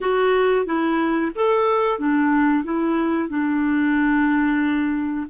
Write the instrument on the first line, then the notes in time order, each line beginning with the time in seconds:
clarinet
0.01 F#4
0.65 E4
1.35 A4
1.98 D4
2.64 E4
3.28 D4